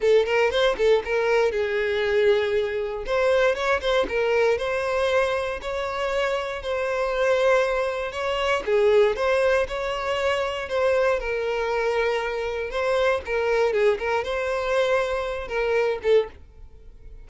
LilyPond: \new Staff \with { instrumentName = "violin" } { \time 4/4 \tempo 4 = 118 a'8 ais'8 c''8 a'8 ais'4 gis'4~ | gis'2 c''4 cis''8 c''8 | ais'4 c''2 cis''4~ | cis''4 c''2. |
cis''4 gis'4 c''4 cis''4~ | cis''4 c''4 ais'2~ | ais'4 c''4 ais'4 gis'8 ais'8 | c''2~ c''8 ais'4 a'8 | }